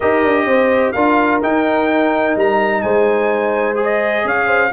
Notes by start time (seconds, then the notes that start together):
0.00 D#4 G4 A#4 D#5
0.23 D4
0.45 C4 C5
0.92 D4 F4 A#4 F5
1.42 D#4 G5
2.36 G3 A#5
2.81 G#3 C5 G#5
3.75 G#4
3.82 D#5
4.24 C#4 C#5 F5
4.47 C5